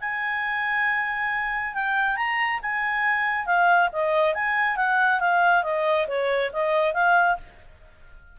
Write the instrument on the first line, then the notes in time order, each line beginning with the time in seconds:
clarinet
0.00 G#5
1.74 G5
2.16 A#5
2.62 G#5
3.45 F5
3.92 D#5
4.34 G#5
4.76 F#5
5.20 F5
5.63 D#5
6.07 C#5
6.53 D#5
6.93 F5